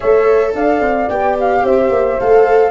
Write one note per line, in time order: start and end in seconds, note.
0.00 0.54 A3
0.00 1.07 A4
0.00 0.54 C#5
0.00 0.53 E5
0.54 0.80 D4
0.54 1.63 D5
0.54 1.09 F5
0.80 1.07 C4
1.08 1.63 B3
1.08 2.19 G4
1.08 1.36 G5
1.39 1.65 F5
1.63 1.89 C4
1.63 2.71 C5
1.63 2.19 E5
1.89 2.16 A#3
2.19 2.71 A3
2.19 2.71 A4
2.19 2.71 F5